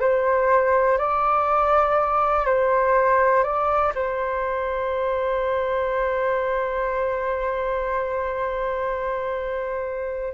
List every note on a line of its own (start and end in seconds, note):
0.00 0.98 C5
0.98 2.45 D5
2.45 3.43 C5
3.43 3.93 D5
3.95 10.34 C5